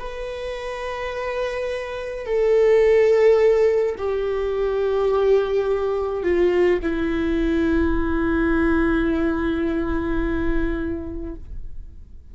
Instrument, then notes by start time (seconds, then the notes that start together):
viola
0.00 B4
2.26 A4
3.98 G4
6.23 F4
6.83 E4